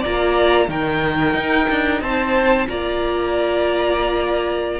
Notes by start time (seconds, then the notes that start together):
0.00 F4 D5 A#5
0.06 A#3
0.69 D#3 D#4 A#4 G5
1.34 D#4
1.70 D4
2.02 C4 C5 A5
2.68 A#3 F4 D5 A#5